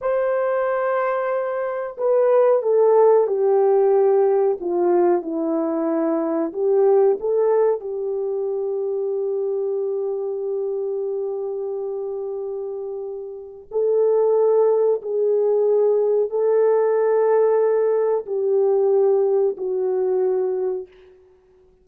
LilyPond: \new Staff \with { instrumentName = "horn" } { \time 4/4 \tempo 4 = 92 c''2. b'4 | a'4 g'2 f'4 | e'2 g'4 a'4 | g'1~ |
g'1~ | g'4 a'2 gis'4~ | gis'4 a'2. | g'2 fis'2 | }